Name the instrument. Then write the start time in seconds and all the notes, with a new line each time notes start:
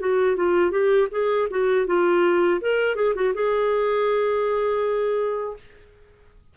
clarinet
0.00 F#4
0.36 F4
0.71 G4
1.11 G#4
1.50 F#4
1.87 F4
2.61 A#4
2.96 G#4
3.15 F#4
3.34 G#4